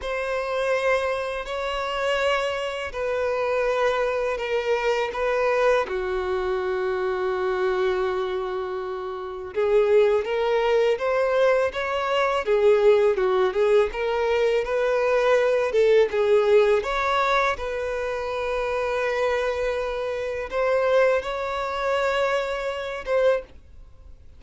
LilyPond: \new Staff \with { instrumentName = "violin" } { \time 4/4 \tempo 4 = 82 c''2 cis''2 | b'2 ais'4 b'4 | fis'1~ | fis'4 gis'4 ais'4 c''4 |
cis''4 gis'4 fis'8 gis'8 ais'4 | b'4. a'8 gis'4 cis''4 | b'1 | c''4 cis''2~ cis''8 c''8 | }